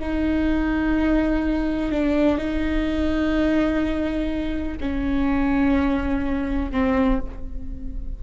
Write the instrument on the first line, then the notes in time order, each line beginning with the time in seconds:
viola
0.00 D#4
1.92 D4
2.38 D#4
4.81 C#4
6.72 C4